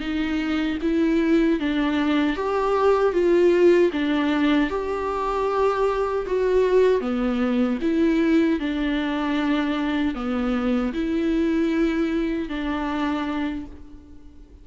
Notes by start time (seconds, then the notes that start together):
0.00 D#4
0.82 E4
1.59 D4
2.36 G4
3.13 F4
3.92 D4
4.70 G4
6.26 F#4
7.01 B3
7.81 E4
8.59 D4
10.15 B3
10.93 E4
12.49 D4